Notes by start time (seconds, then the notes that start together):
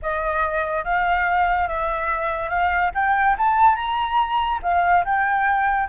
0.02 D#5
0.84 F5
1.68 E5
2.49 F5
2.94 G5
3.38 A5
3.75 A#5
4.62 F5
5.04 G5